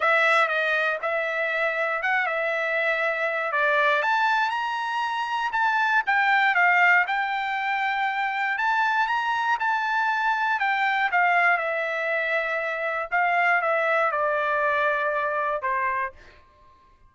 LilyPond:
\new Staff \with { instrumentName = "trumpet" } { \time 4/4 \tempo 4 = 119 e''4 dis''4 e''2 | fis''8 e''2~ e''8 d''4 | a''4 ais''2 a''4 | g''4 f''4 g''2~ |
g''4 a''4 ais''4 a''4~ | a''4 g''4 f''4 e''4~ | e''2 f''4 e''4 | d''2. c''4 | }